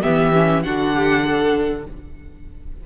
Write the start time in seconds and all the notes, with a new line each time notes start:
0.00 E3 B3 G4 E5
0.33 C#4
0.62 D3 D4 F#4 F#5
0.95 G4
1.25 A4